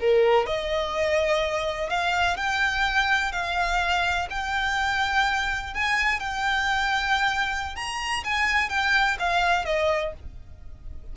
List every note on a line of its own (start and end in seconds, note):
0.00 0.46 A#4
0.46 1.90 D#5
1.90 2.37 F5
2.37 3.32 G5
3.32 4.28 F5
4.30 5.74 G5
5.74 6.20 G#5
6.20 7.76 G5
7.76 8.24 A#5
8.24 8.69 G#5
8.69 9.17 G5
9.19 9.65 F5
9.65 10.13 D#5